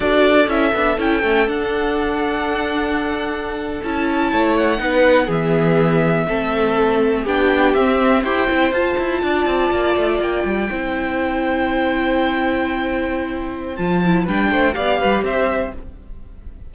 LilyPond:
<<
  \new Staff \with { instrumentName = "violin" } { \time 4/4 \tempo 4 = 122 d''4 e''4 g''4 fis''4~ | fis''2.~ fis''8. a''16~ | a''4~ a''16 fis''4. e''4~ e''16~ | e''2~ e''8. g''4 e''16~ |
e''8. g''4 a''2~ a''16~ | a''8. g''2.~ g''16~ | g''1 | a''4 g''4 f''4 e''4 | }
  \new Staff \with { instrumentName = "violin" } { \time 4/4 a'1~ | a'1~ | a'8. cis''4 b'4 gis'4~ gis'16~ | gis'8. a'2 g'4~ g'16~ |
g'8. c''2 d''4~ d''16~ | d''4.~ d''16 c''2~ c''16~ | c''1~ | c''4 b'8 c''8 d''8 b'8 c''4 | }
  \new Staff \with { instrumentName = "viola" } { \time 4/4 fis'4 e'8 d'8 e'8 cis'8 d'4~ | d'2.~ d'8. e'16~ | e'4.~ e'16 dis'4 b4~ b16~ | b8. c'2 d'4 c'16~ |
c'8. g'8 e'8 f'2~ f'16~ | f'4.~ f'16 e'2~ e'16~ | e'1 | f'8 e'8 d'4 g'2 | }
  \new Staff \with { instrumentName = "cello" } { \time 4/4 d'4 cis'8 b8 cis'8 a8 d'4~ | d'2.~ d'8. cis'16~ | cis'8. a4 b4 e4~ e16~ | e8. a2 b4 c'16~ |
c'8. e'8 c'8 f'8 e'8 d'8 c'8 ais16~ | ais16 a8 ais8 g8 c'2~ c'16~ | c'1 | f4 g8 a8 b8 g8 c'4 | }
>>